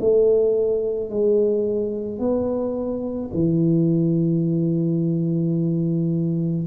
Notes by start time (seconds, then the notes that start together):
0.00 A3
1.10 G#3
2.19 B3
3.33 E3